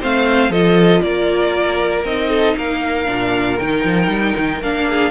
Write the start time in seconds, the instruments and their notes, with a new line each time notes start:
0.00 cello A3, viola C4, violin C5 F5
0.50 cello F3, viola F4, violin A4 D#5
1.02 cello A#3, violin A#4 D5
2.04 cello C4, viola D#4, violin D#5
2.29 violin A4
2.56 cello A#3, violin A#4 F5
3.06 cello A#2, viola D4
3.58 cello D#3, viola D#4, violin G5
3.85 cello F3
4.07 cello G3
4.37 cello D#3
4.61 cello A#3, viola D4, violin F5
4.89 violin G#4